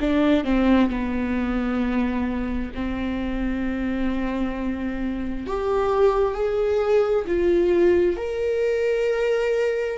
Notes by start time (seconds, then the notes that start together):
0.00 D4
0.44 C4
0.90 B3
2.74 C4
5.46 G4
6.34 G#4
7.27 F4
8.17 A#4